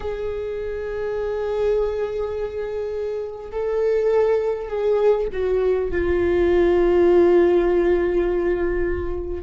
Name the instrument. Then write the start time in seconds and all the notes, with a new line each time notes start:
viola
0.00 G#4
3.51 A4
4.68 G#4
5.32 F#4
5.91 F4